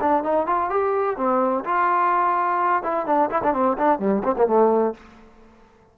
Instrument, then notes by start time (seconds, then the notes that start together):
trombone
0.00 D4
0.23 D#4
0.46 F4
0.69 G4
1.17 C4
1.64 F4
2.83 E4
3.06 D4
3.30 E4
3.43 D4
3.53 C4
3.77 D4
3.99 G3
4.23 C4
4.37 A#3
4.46 A3